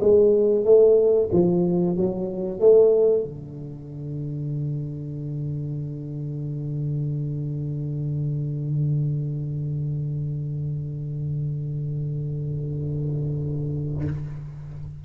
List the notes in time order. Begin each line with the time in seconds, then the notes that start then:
0.00 G#3
0.65 A3
1.32 F3
1.96 F#3
2.60 A3
3.24 D3